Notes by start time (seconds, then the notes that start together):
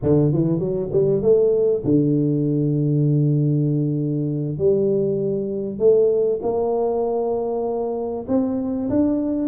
0.02 D3
0.32 E3
0.59 F#3
0.92 G3
1.22 A3
1.84 D3
4.58 G3
5.78 A3
6.42 A#3
8.27 C4
8.89 D4